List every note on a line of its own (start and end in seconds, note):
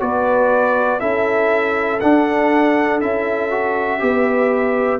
0.00 1.01 B3
0.00 1.00 F#4
0.00 1.01 B4
0.00 1.00 D5
1.00 2.01 C#4
1.00 2.00 E4
1.00 4.01 A4
1.00 2.00 E5
2.00 3.01 D4
2.00 3.02 D4
2.00 3.00 F#5
3.01 4.02 C#4
3.01 3.51 E4
3.01 5.00 E5
3.51 3.99 F#4
3.99 5.00 B3
3.99 4.99 G4
3.99 5.00 B4